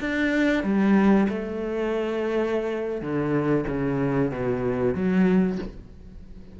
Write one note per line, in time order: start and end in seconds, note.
0.00 0.63 D4
0.63 1.27 G3
1.29 3.01 A3
3.01 3.65 D3
3.67 4.31 C#3
4.31 4.94 B2
4.94 5.58 F#3